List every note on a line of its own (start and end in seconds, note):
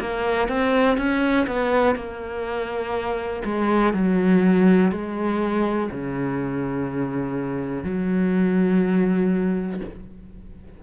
0.00 0.48 A#3
0.48 0.97 C4
0.97 1.46 C#4
1.47 1.95 B3
1.95 3.42 A#3
3.44 3.93 G#3
3.93 4.91 F#3
4.91 5.90 G#3
5.91 7.83 C#3
7.83 9.80 F#3